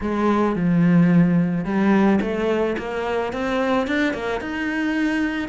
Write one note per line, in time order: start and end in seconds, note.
0.00 0.55 G#3
0.55 1.64 F3
1.64 2.19 G3
2.21 2.76 A3
2.77 3.32 A#3
3.32 3.87 C4
3.87 4.13 D4
4.13 4.40 A#3
4.40 5.48 D#4